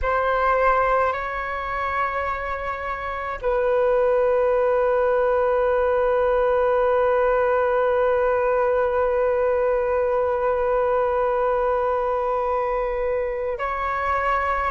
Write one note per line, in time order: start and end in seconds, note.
0.02 1.13 C5
1.13 3.39 C#5
3.41 13.58 B4
13.58 14.70 C#5